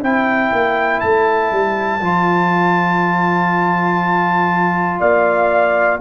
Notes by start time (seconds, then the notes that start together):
0.00 C4 E4 C5 G5
0.52 A#3
1.00 A3 A5
1.51 G3
2.01 F3 F4
4.99 A#3 D5 F5